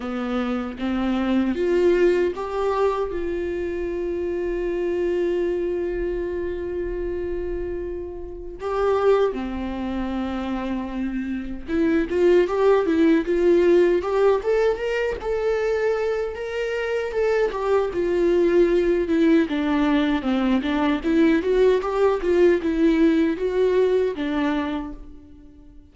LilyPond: \new Staff \with { instrumentName = "viola" } { \time 4/4 \tempo 4 = 77 b4 c'4 f'4 g'4 | f'1~ | f'2. g'4 | c'2. e'8 f'8 |
g'8 e'8 f'4 g'8 a'8 ais'8 a'8~ | a'4 ais'4 a'8 g'8 f'4~ | f'8 e'8 d'4 c'8 d'8 e'8 fis'8 | g'8 f'8 e'4 fis'4 d'4 | }